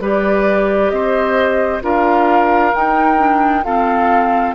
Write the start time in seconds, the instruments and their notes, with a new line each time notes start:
0.00 bassoon G3, clarinet G4, oboe B4, flute D5
0.90 bassoon C4, oboe C5, flute D#5
1.82 bassoon D4, clarinet F4, oboe A#4, flute F5
2.74 clarinet D#4, bassoon D#4, flute G5
3.17 clarinet D4
3.64 clarinet C4, bassoon F4, oboe A4, flute F5